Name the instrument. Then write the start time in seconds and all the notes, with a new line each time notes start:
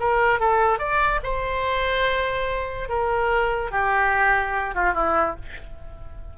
oboe
0.00 A#4
0.40 A4
0.79 D5
1.24 C5
2.89 A#4
3.72 G4
4.75 F4
4.94 E4